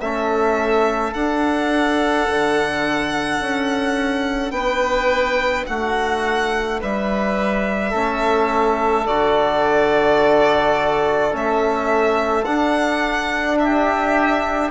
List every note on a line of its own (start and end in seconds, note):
0.00 1.13 A3
0.00 1.15 C#4
0.00 4.53 A4
0.00 1.13 E5
1.13 2.27 D4
1.13 7.93 D4
1.13 4.51 F#5
2.30 3.40 D3
3.40 4.51 C#4
4.51 5.64 B3
4.51 5.67 B4
4.51 5.64 G5
5.66 6.82 A3
5.66 6.80 F#4
5.66 6.79 F#5
6.80 7.93 G3
6.80 7.90 B4
6.80 9.06 E5
7.90 9.07 A3
7.90 9.06 C#4
7.90 13.56 A4
9.06 11.33 D3
9.06 11.31 F#4
9.06 11.33 D5
11.31 12.46 A3
11.31 12.44 C#4
11.31 12.44 E5
12.44 14.70 D4
12.44 13.57 F#5
13.59 14.70 G4
13.59 14.70 E5